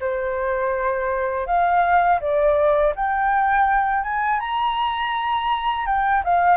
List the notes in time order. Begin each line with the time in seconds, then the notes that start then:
0.00 C5
1.46 F5
2.20 D5
2.95 G5
4.03 G#5
4.39 A#5
5.86 G5
6.24 F5